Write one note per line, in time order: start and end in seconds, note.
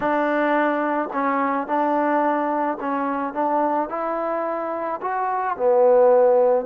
0.00 1.09 D4
1.12 1.67 C#4
1.67 2.78 D4
2.80 3.33 C#4
3.33 3.89 D4
3.89 5.00 E4
5.02 5.57 F#4
5.57 6.65 B3